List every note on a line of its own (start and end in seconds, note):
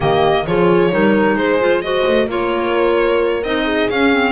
0.00 0.46 D#3
0.00 0.46 A#3
0.00 0.46 G4
0.00 0.46 D#5
0.46 0.91 F3
0.46 0.91 F4
0.46 0.92 G#4
0.46 1.37 C#5
0.91 1.33 G3
0.91 1.60 D#4
0.91 1.37 A#4
1.33 2.02 G#3
1.33 1.83 G#4
1.33 1.81 C5
1.60 1.83 F4
1.81 2.28 F#4
1.81 2.27 C5
1.81 2.27 D#5
2.07 2.28 A3
2.27 3.42 A#3
2.27 3.42 F4
2.27 3.63 A#4
2.27 3.43 C#5
3.42 3.88 C4
3.42 3.90 D#4
3.42 3.89 D#5
3.63 4.32 G#4
3.90 4.32 C#4
3.90 4.12 C#4
3.90 4.32 F5
4.12 4.32 C4